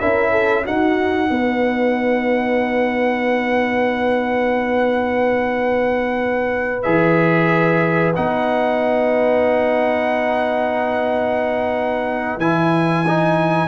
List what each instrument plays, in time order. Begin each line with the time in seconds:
0.00 tuba C#4, trombone E4, horn A#4, trumpet E5
0.32 horn A4
0.65 trombone D#4, tuba D#4, horn F#4, trumpet F#5
1.31 tuba B3, horn B4
6.83 tuba E3, trombone G#4, trumpet E5
8.16 tuba B3, trombone D#4, trumpet F#5
12.38 tuba E3, trombone E4, trumpet G#5
13.07 trombone D#4